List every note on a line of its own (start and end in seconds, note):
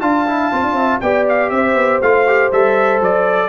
0.00 0.52 D4
0.00 0.26 F4
0.00 0.75 F5
0.00 1.00 A5
0.27 0.52 E4
0.52 0.63 C4
0.52 1.02 F4
0.63 0.73 D4
0.73 0.98 C4
0.73 1.01 E5
1.01 1.51 B3
1.01 2.03 G4
1.01 1.53 D5
1.01 1.26 G5
1.29 1.50 F5
1.50 1.75 C4
1.50 3.49 C5
1.50 2.00 E5
1.75 2.00 B3
2.01 2.51 A3
2.01 2.27 F4
2.01 2.52 F5
2.27 2.52 G4
2.52 3.01 G3
2.52 3.49 A4
2.52 3.03 E5
3.01 3.49 F#3
3.01 3.49 D5